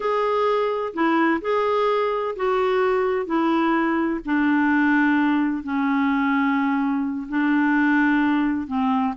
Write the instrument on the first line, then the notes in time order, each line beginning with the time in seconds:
clarinet
0.00 G#4
0.93 E4
1.41 G#4
2.36 F#4
3.26 E4
4.25 D4
5.63 C#4
7.28 D4
8.67 C4